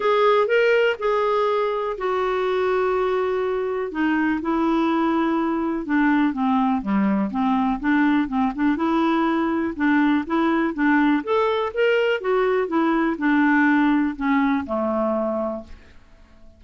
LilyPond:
\new Staff \with { instrumentName = "clarinet" } { \time 4/4 \tempo 4 = 123 gis'4 ais'4 gis'2 | fis'1 | dis'4 e'2. | d'4 c'4 g4 c'4 |
d'4 c'8 d'8 e'2 | d'4 e'4 d'4 a'4 | ais'4 fis'4 e'4 d'4~ | d'4 cis'4 a2 | }